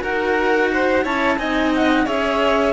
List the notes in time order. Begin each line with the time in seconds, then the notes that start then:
0.00 D#4 F#4 A#4 F#5
0.73 C5
1.03 C#4 E4 C#5 A5
1.38 C4 D#4 D#5 G#5
1.75 F#5
2.05 C#4 G#4 C#5 E5